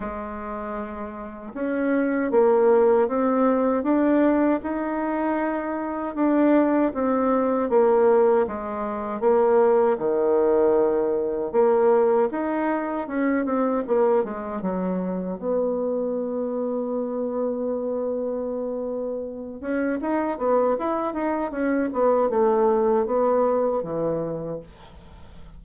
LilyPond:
\new Staff \with { instrumentName = "bassoon" } { \time 4/4 \tempo 4 = 78 gis2 cis'4 ais4 | c'4 d'4 dis'2 | d'4 c'4 ais4 gis4 | ais4 dis2 ais4 |
dis'4 cis'8 c'8 ais8 gis8 fis4 | b1~ | b4. cis'8 dis'8 b8 e'8 dis'8 | cis'8 b8 a4 b4 e4 | }